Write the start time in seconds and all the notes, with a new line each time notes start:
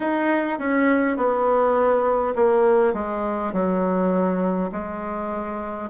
0.00 D#4
0.58 C#4
1.17 B3
2.35 A#3
2.94 G#3
3.52 F#3
4.72 G#3